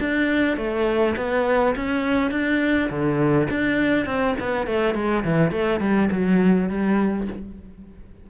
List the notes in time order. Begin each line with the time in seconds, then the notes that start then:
0.00 D4
0.57 A3
1.17 B3
1.76 C#4
2.31 D4
2.90 D3
3.50 D4
4.06 C4
4.40 B3
4.67 A3
4.95 G#3
5.24 E3
5.52 A3
5.80 G3
6.11 F#3
6.69 G3